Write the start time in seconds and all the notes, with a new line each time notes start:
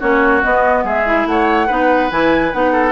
0.00 A#3 C#4 F#4 C#5
0.42 B3 D#5
0.84 G#3 G#4 E5
1.05 E4
1.26 A3 C#5 F#5
1.67 B3 D#4 B4
2.10 E3 E4 G#5
2.53 B3 D#4 F#5
2.72 A4